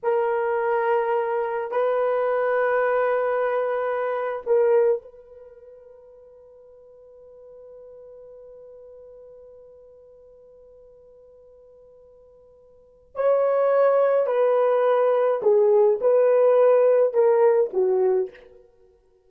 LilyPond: \new Staff \with { instrumentName = "horn" } { \time 4/4 \tempo 4 = 105 ais'2. b'4~ | b'2.~ b'8. ais'16~ | ais'8. b'2.~ b'16~ | b'1~ |
b'1~ | b'2. cis''4~ | cis''4 b'2 gis'4 | b'2 ais'4 fis'4 | }